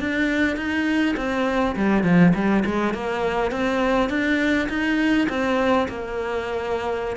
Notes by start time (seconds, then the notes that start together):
0.00 D4
0.57 D#4
1.17 C4
1.76 G3
2.04 F3
2.35 G3
2.66 G#3
2.94 A#3
3.51 C4
4.10 D4
4.69 D#4
5.29 C4
5.89 A#3